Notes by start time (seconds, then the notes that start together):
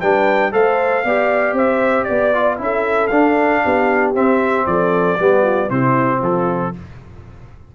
0.00 G3 D4 B4 G5
0.51 A3 A4 C5 F5
1.04 B3 G4 D5
1.52 C4 C5 E5
2.04 B3 D5
2.33 F4
2.58 C#4 E4 A4 E5
3.07 D4 F5
3.62 B3 G4
4.14 C4 E5
4.66 F3 A4 D5
5.19 G3 B3 G4
5.42 F4
5.69 C3 C4 E4 C5
6.18 F3 F4 A4